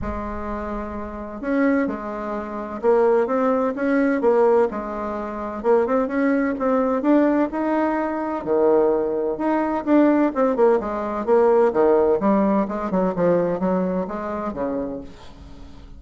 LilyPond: \new Staff \with { instrumentName = "bassoon" } { \time 4/4 \tempo 4 = 128 gis2. cis'4 | gis2 ais4 c'4 | cis'4 ais4 gis2 | ais8 c'8 cis'4 c'4 d'4 |
dis'2 dis2 | dis'4 d'4 c'8 ais8 gis4 | ais4 dis4 g4 gis8 fis8 | f4 fis4 gis4 cis4 | }